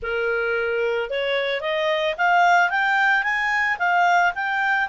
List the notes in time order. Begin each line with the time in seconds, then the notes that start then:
0.02 A#4
1.10 C#5
1.61 D#5
2.17 F5
2.70 G5
3.23 G#5
3.78 F5
4.34 G5